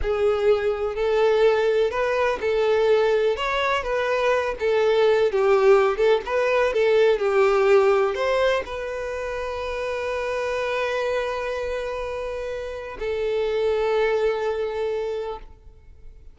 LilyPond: \new Staff \with { instrumentName = "violin" } { \time 4/4 \tempo 4 = 125 gis'2 a'2 | b'4 a'2 cis''4 | b'4. a'4. g'4~ | g'8 a'8 b'4 a'4 g'4~ |
g'4 c''4 b'2~ | b'1~ | b'2. a'4~ | a'1 | }